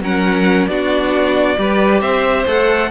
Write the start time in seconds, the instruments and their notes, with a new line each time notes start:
0.00 cello F#3, viola C#4, violin A#4 F#5
0.68 cello B3, viola D4, violin F#4 D5
1.57 cello G3, viola G4, violin B4
2.01 cello C4, violin C5 E5
2.47 cello A3, viola A4, violin F#5